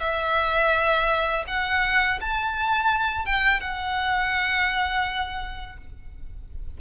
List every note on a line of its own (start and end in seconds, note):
0.00 1.45 E5
1.48 2.20 F#5
2.21 3.26 A5
3.26 3.61 G5
3.61 5.78 F#5